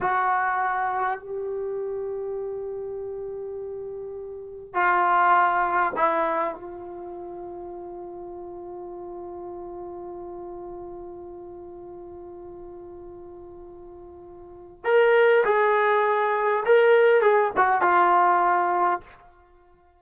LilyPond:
\new Staff \with { instrumentName = "trombone" } { \time 4/4 \tempo 4 = 101 fis'2 g'2~ | g'1 | f'2 e'4 f'4~ | f'1~ |
f'1~ | f'1~ | f'4 ais'4 gis'2 | ais'4 gis'8 fis'8 f'2 | }